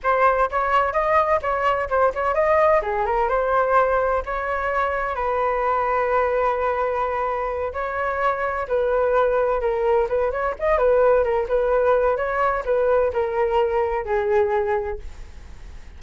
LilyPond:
\new Staff \with { instrumentName = "flute" } { \time 4/4 \tempo 4 = 128 c''4 cis''4 dis''4 cis''4 | c''8 cis''8 dis''4 gis'8 ais'8 c''4~ | c''4 cis''2 b'4~ | b'1~ |
b'8 cis''2 b'4.~ | b'8 ais'4 b'8 cis''8 dis''8 b'4 | ais'8 b'4. cis''4 b'4 | ais'2 gis'2 | }